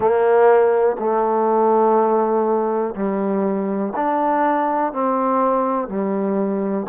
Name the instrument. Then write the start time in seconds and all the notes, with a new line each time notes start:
trombone
0.00 A#3
0.99 A3
2.95 G3
3.95 D4
4.92 C4
5.88 G3